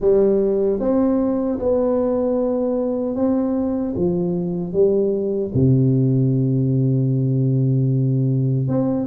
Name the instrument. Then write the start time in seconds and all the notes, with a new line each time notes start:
tuba
0.00 G3
0.79 C4
1.59 B3
3.15 C4
3.96 F3
4.72 G3
5.53 C3
8.68 C4